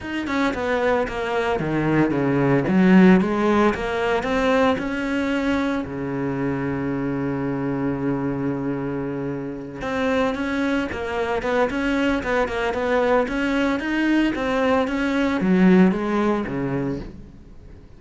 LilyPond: \new Staff \with { instrumentName = "cello" } { \time 4/4 \tempo 4 = 113 dis'8 cis'8 b4 ais4 dis4 | cis4 fis4 gis4 ais4 | c'4 cis'2 cis4~ | cis1~ |
cis2~ cis8 c'4 cis'8~ | cis'8 ais4 b8 cis'4 b8 ais8 | b4 cis'4 dis'4 c'4 | cis'4 fis4 gis4 cis4 | }